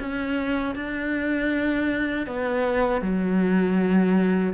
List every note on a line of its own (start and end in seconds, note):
0.00 0.75 C#4
0.75 2.27 D4
2.27 3.01 B3
3.01 4.53 F#3